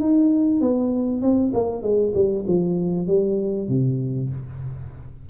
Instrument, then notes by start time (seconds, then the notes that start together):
tuba
0.00 D#4
0.60 B3
1.21 C4
1.54 A#3
1.82 G#3
2.14 G3
2.47 F3
3.07 G3
3.68 C3